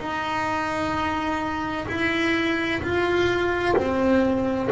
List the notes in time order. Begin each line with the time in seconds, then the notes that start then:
0.00 D#4
1.88 E4
2.83 F4
3.77 C4